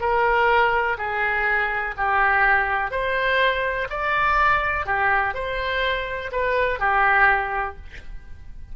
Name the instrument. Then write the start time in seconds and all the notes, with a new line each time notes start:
oboe
0.00 A#4
0.98 G#4
1.97 G4
2.91 C5
3.90 D5
4.86 G4
5.34 C5
6.32 B4
6.79 G4